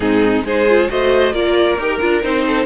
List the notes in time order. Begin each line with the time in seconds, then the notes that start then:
0.00 G#2 C4 D#4 G#4
0.43 G#3 D#4 G#4 C5
0.69 F4
0.88 A3 F#4 C5 D#5
1.32 A#3 F4 A#4 D5
1.77 D#4 G4 A#4
2.00 D4 F4
2.22 C4 D#4 C5
2.46 A4